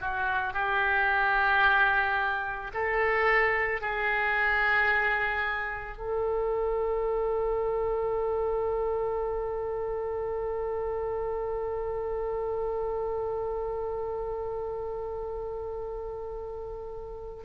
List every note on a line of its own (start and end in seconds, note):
0.00 0.53 F#4
0.53 2.71 G4
2.74 3.81 A4
3.81 5.98 G#4
5.98 17.43 A4